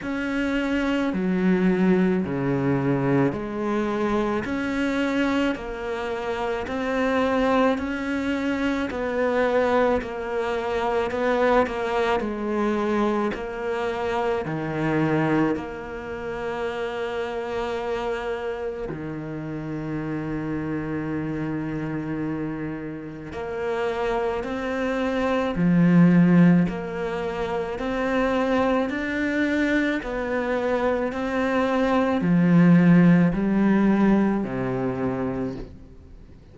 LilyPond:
\new Staff \with { instrumentName = "cello" } { \time 4/4 \tempo 4 = 54 cis'4 fis4 cis4 gis4 | cis'4 ais4 c'4 cis'4 | b4 ais4 b8 ais8 gis4 | ais4 dis4 ais2~ |
ais4 dis2.~ | dis4 ais4 c'4 f4 | ais4 c'4 d'4 b4 | c'4 f4 g4 c4 | }